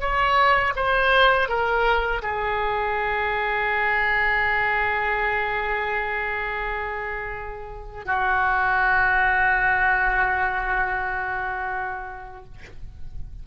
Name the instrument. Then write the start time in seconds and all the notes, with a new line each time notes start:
oboe
0.00 C#5
0.75 C5
1.48 A#4
2.22 G#4
8.05 F#4